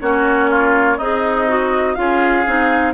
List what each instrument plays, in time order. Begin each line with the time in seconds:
0.00 bassoon A#3, clarinet C#4, oboe F#4, flute C#5
0.50 oboe F4
0.97 bassoon C4, oboe D#4, clarinet G#4, flute D#5
1.48 clarinet F#4
1.94 bassoon C#4, clarinet F4, oboe G#4, flute F5
2.46 bassoon C4, clarinet D#4